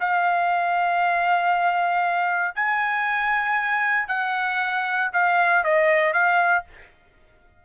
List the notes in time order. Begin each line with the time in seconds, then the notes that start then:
0.00 F5
2.55 G#5
4.08 F#5
5.13 F5
5.64 D#5
6.13 F5